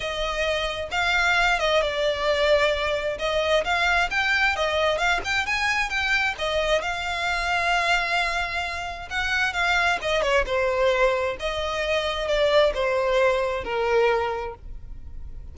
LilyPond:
\new Staff \with { instrumentName = "violin" } { \time 4/4 \tempo 4 = 132 dis''2 f''4. dis''8 | d''2. dis''4 | f''4 g''4 dis''4 f''8 g''8 | gis''4 g''4 dis''4 f''4~ |
f''1 | fis''4 f''4 dis''8 cis''8 c''4~ | c''4 dis''2 d''4 | c''2 ais'2 | }